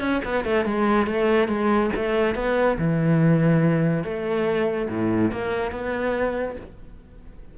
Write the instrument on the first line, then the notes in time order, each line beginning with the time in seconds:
cello
0.00 C#4
0.24 B3
0.44 A3
0.65 G#3
1.06 A3
1.48 G#3
1.96 A3
2.35 B3
2.78 E3
4.04 A3
4.89 A2
5.32 A#3
5.71 B3